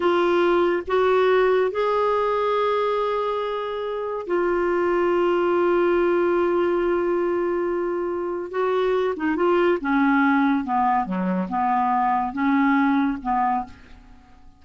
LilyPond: \new Staff \with { instrumentName = "clarinet" } { \time 4/4 \tempo 4 = 141 f'2 fis'2 | gis'1~ | gis'2 f'2~ | f'1~ |
f'1 | fis'4. dis'8 f'4 cis'4~ | cis'4 b4 fis4 b4~ | b4 cis'2 b4 | }